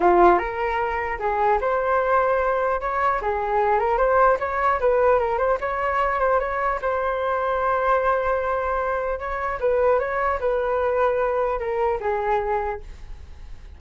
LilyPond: \new Staff \with { instrumentName = "flute" } { \time 4/4 \tempo 4 = 150 f'4 ais'2 gis'4 | c''2. cis''4 | gis'4. ais'8 c''4 cis''4 | b'4 ais'8 c''8 cis''4. c''8 |
cis''4 c''2.~ | c''2. cis''4 | b'4 cis''4 b'2~ | b'4 ais'4 gis'2 | }